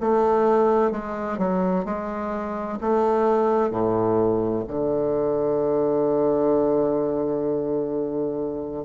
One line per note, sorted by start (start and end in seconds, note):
0.00 0.91 A3
0.91 1.38 G#3
1.38 1.85 F#3
1.85 2.78 G#3
2.80 3.70 A3
3.70 4.64 A2
4.67 8.84 D3